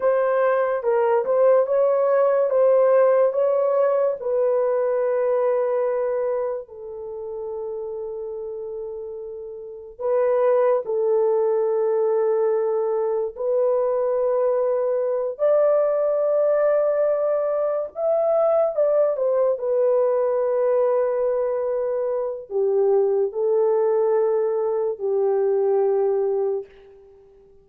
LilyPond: \new Staff \with { instrumentName = "horn" } { \time 4/4 \tempo 4 = 72 c''4 ais'8 c''8 cis''4 c''4 | cis''4 b'2. | a'1 | b'4 a'2. |
b'2~ b'8 d''4.~ | d''4. e''4 d''8 c''8 b'8~ | b'2. g'4 | a'2 g'2 | }